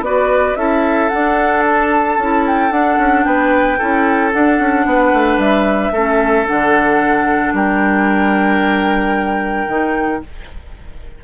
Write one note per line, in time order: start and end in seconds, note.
0.00 0.54 B3
0.00 0.57 F#4
0.00 0.58 B4
0.00 0.56 D5
0.56 1.09 C#4
0.56 1.10 E4
0.56 3.26 A4
0.56 1.09 E5
1.09 2.19 D4
1.09 2.18 D4
1.09 1.62 F#5
1.66 2.46 A5
2.18 2.71 C#4
2.18 2.71 E4
2.47 2.72 G5
2.71 2.97 D4
2.71 3.78 D4
2.71 3.24 F#5
2.98 3.24 C#4
3.24 3.79 B3
3.24 3.78 B4
3.24 4.31 G5
3.78 4.33 C#4
3.78 4.32 E4
3.78 4.85 A4
4.32 5.93 D4
4.32 4.59 D4
4.32 5.39 F#5
4.59 4.85 C#4
4.85 5.12 B3
4.85 5.93 B4
5.13 5.37 A3
5.37 5.91 G3
5.37 6.46 E5
5.92 6.45 A3
5.92 6.46 C#4
5.92 7.53 A4
6.46 7.53 D3
6.46 9.67 D4
6.46 7.54 F#5
7.53 9.67 G3
7.53 10.23 A#4
7.53 10.24 G5
9.67 10.21 D#3
9.67 10.22 D#4